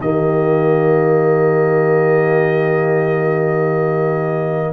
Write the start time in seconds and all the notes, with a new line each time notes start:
0.00 D#3 A#3 G4 D#5